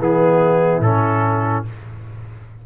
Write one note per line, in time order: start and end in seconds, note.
0.00 0.80 E3
0.00 0.83 B3
0.00 1.66 E4
0.00 0.82 G#4
0.80 1.62 A2
0.80 1.65 C#4
0.80 1.64 A4